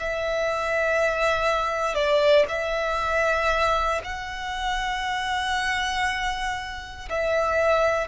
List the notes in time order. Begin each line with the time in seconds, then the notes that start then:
0.00 E5
1.95 D5
2.49 E5
4.04 F#5
7.10 E5